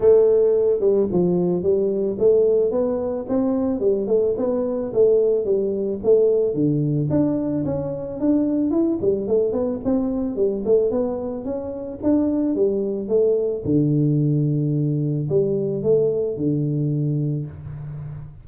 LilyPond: \new Staff \with { instrumentName = "tuba" } { \time 4/4 \tempo 4 = 110 a4. g8 f4 g4 | a4 b4 c'4 g8 a8 | b4 a4 g4 a4 | d4 d'4 cis'4 d'4 |
e'8 g8 a8 b8 c'4 g8 a8 | b4 cis'4 d'4 g4 | a4 d2. | g4 a4 d2 | }